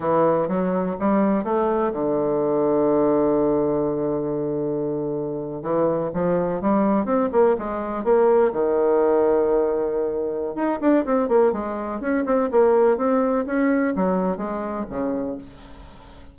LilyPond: \new Staff \with { instrumentName = "bassoon" } { \time 4/4 \tempo 4 = 125 e4 fis4 g4 a4 | d1~ | d2.~ d8. e16~ | e8. f4 g4 c'8 ais8 gis16~ |
gis8. ais4 dis2~ dis16~ | dis2 dis'8 d'8 c'8 ais8 | gis4 cis'8 c'8 ais4 c'4 | cis'4 fis4 gis4 cis4 | }